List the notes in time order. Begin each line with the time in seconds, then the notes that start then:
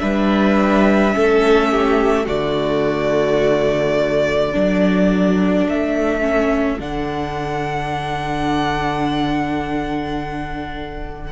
0.00 G3 D4 B4 E5
1.12 A3 C#4 A4
1.72 G4
2.26 D3 A3 F#4 D5
4.52 F#3 D4 A4
5.67 A3 E5
6.21 C#4
6.80 D3 D4 F#5